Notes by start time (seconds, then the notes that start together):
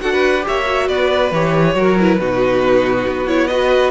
0.00 D4 F#4 A4 F#5
0.13 B4
0.41 G4 C#5 E5
0.48 A#3
0.66 F#4
0.88 B3 B4 D5
1.32 E3 G4 C#5
1.75 F#3 F#4 A#4
1.99 E4 B4
2.19 B2 D#4 F#4
3.08 B3
3.27 E4 C#5
3.47 F#4 B4 D#5